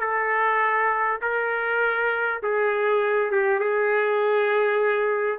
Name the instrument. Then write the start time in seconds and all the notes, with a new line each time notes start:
trumpet
0.00 A4
1.21 A#4
2.43 G#4
3.31 G4
3.59 G#4